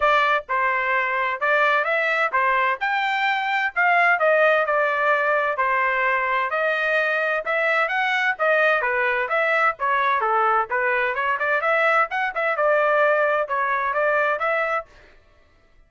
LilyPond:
\new Staff \with { instrumentName = "trumpet" } { \time 4/4 \tempo 4 = 129 d''4 c''2 d''4 | e''4 c''4 g''2 | f''4 dis''4 d''2 | c''2 dis''2 |
e''4 fis''4 dis''4 b'4 | e''4 cis''4 a'4 b'4 | cis''8 d''8 e''4 fis''8 e''8 d''4~ | d''4 cis''4 d''4 e''4 | }